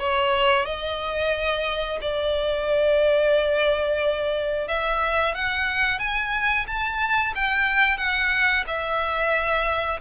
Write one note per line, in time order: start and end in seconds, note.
0.00 0.66 C#5
0.66 1.99 D#5
2.02 4.68 D5
4.68 5.35 E5
5.35 5.99 F#5
5.99 6.66 G#5
6.67 7.34 A5
7.35 7.98 G5
7.98 8.65 F#5
8.68 10.01 E5